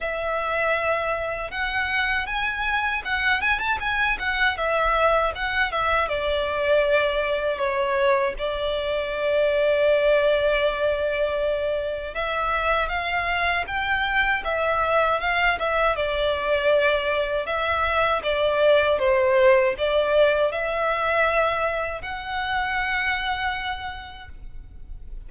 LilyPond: \new Staff \with { instrumentName = "violin" } { \time 4/4 \tempo 4 = 79 e''2 fis''4 gis''4 | fis''8 gis''16 a''16 gis''8 fis''8 e''4 fis''8 e''8 | d''2 cis''4 d''4~ | d''1 |
e''4 f''4 g''4 e''4 | f''8 e''8 d''2 e''4 | d''4 c''4 d''4 e''4~ | e''4 fis''2. | }